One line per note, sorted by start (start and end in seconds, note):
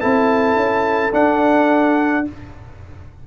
0.00 0.56 C4
0.00 1.12 E4
0.00 2.26 A4
0.00 1.14 A5
0.56 1.12 C#4
1.12 2.25 D4
1.12 2.26 D4
1.12 2.27 F#5